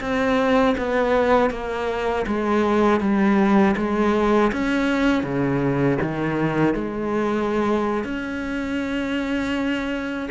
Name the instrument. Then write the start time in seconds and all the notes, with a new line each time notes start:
cello
0.00 C4
0.77 B3
1.50 A#3
2.27 G#3
3.00 G3
3.76 G#3
4.52 C#4
5.23 C#3
6.02 D#3
6.74 G#3
8.04 C#4